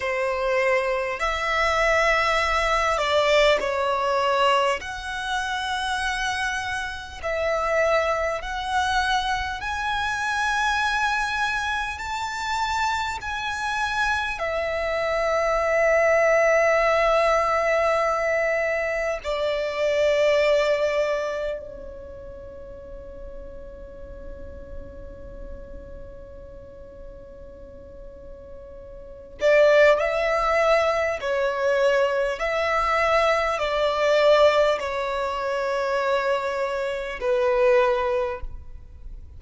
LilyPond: \new Staff \with { instrumentName = "violin" } { \time 4/4 \tempo 4 = 50 c''4 e''4. d''8 cis''4 | fis''2 e''4 fis''4 | gis''2 a''4 gis''4 | e''1 |
d''2 cis''2~ | cis''1~ | cis''8 d''8 e''4 cis''4 e''4 | d''4 cis''2 b'4 | }